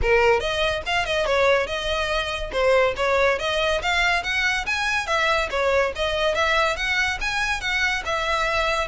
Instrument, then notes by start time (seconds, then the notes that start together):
violin
0.02 A#4
0.39 D#5
0.85 F5
1.05 D#5
1.26 C#5
1.66 D#5
2.52 C5
2.96 C#5
3.38 D#5
3.81 F5
4.23 F#5
4.66 G#5
5.06 E5
5.50 C#5
5.95 D#5
6.34 E5
6.76 F#5
7.20 G#5
7.60 F#5
8.05 E5